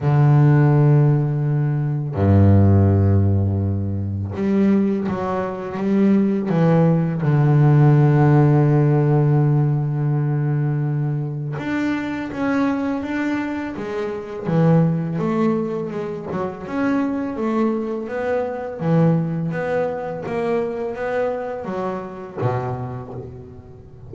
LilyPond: \new Staff \with { instrumentName = "double bass" } { \time 4/4 \tempo 4 = 83 d2. g,4~ | g,2 g4 fis4 | g4 e4 d2~ | d1 |
d'4 cis'4 d'4 gis4 | e4 a4 gis8 fis8 cis'4 | a4 b4 e4 b4 | ais4 b4 fis4 b,4 | }